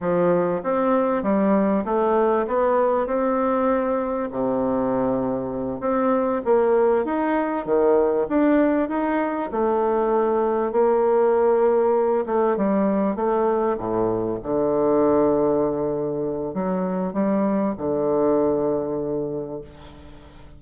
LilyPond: \new Staff \with { instrumentName = "bassoon" } { \time 4/4 \tempo 4 = 98 f4 c'4 g4 a4 | b4 c'2 c4~ | c4. c'4 ais4 dis'8~ | dis'8 dis4 d'4 dis'4 a8~ |
a4. ais2~ ais8 | a8 g4 a4 a,4 d8~ | d2. fis4 | g4 d2. | }